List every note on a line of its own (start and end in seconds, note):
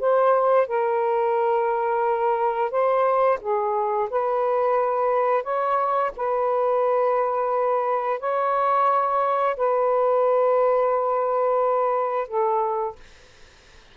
0.00 0.68 C5
0.68 2.71 A#4
2.71 3.39 C5
3.41 4.09 G#4
4.11 5.44 B4
5.44 6.12 C#5
6.17 8.20 B4
8.20 9.56 C#5
9.57 12.28 B4
12.28 12.96 A4